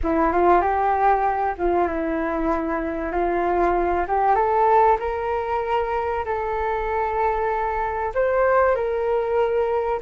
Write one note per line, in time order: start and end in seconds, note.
0.03 0.32 E4
0.32 0.61 F4
0.61 1.55 G4
1.58 1.87 F4
1.87 3.11 E4
3.11 4.05 F4
4.07 4.35 G4
4.35 4.97 A4
4.99 6.24 A#4
6.25 8.12 A4
8.14 8.75 C5
8.75 10.00 A#4